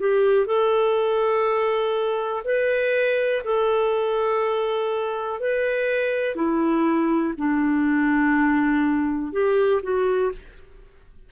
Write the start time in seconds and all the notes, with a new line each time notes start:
0.00 G4
0.47 A4
2.45 B4
3.45 A4
5.40 B4
6.36 E4
7.38 D4
9.33 G4
9.83 F#4